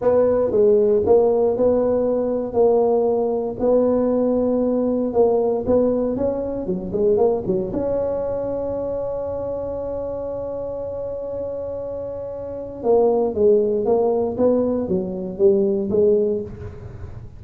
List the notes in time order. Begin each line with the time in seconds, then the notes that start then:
0.01 B3
0.51 G#3
1.05 A#3
1.56 B3
2.53 A#3
3.59 B3
5.13 A#3
5.66 B3
6.16 C#4
6.66 F#3
6.92 G#3
7.17 A#3
7.46 F#3
7.72 C#4
12.83 A#3
13.34 G#3
13.85 A#3
14.37 B3
14.88 F#3
15.38 G3
15.90 G#3